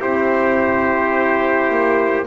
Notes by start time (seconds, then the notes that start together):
0.00 C4 E4 G4 C5
1.70 A#3